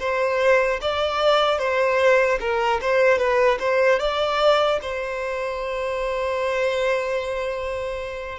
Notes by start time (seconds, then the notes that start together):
0.00 C5
0.82 D5
1.59 C5
2.40 A#4
2.82 C5
3.19 B4
3.60 C5
4.00 D5
4.82 C5